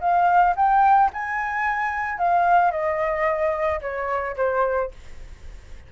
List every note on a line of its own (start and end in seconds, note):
0.00 0.55 F5
0.55 1.10 G5
1.13 2.18 G#5
2.18 2.71 F5
2.71 3.80 D#5
3.81 4.36 C#5
4.36 4.91 C5